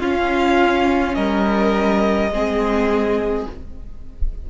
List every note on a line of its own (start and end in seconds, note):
0.00 1.15 C#4
0.00 2.31 C#4
0.00 1.15 F4
0.00 1.14 F5
1.14 2.31 G3
1.14 2.31 A#4
1.14 3.45 D#5
2.31 3.46 G#3
2.31 3.47 C4
2.31 3.50 G#4